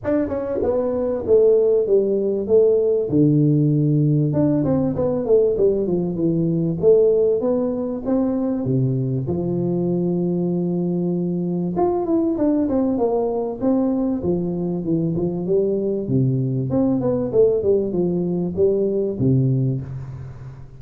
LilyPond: \new Staff \with { instrumentName = "tuba" } { \time 4/4 \tempo 4 = 97 d'8 cis'8 b4 a4 g4 | a4 d2 d'8 c'8 | b8 a8 g8 f8 e4 a4 | b4 c'4 c4 f4~ |
f2. f'8 e'8 | d'8 c'8 ais4 c'4 f4 | e8 f8 g4 c4 c'8 b8 | a8 g8 f4 g4 c4 | }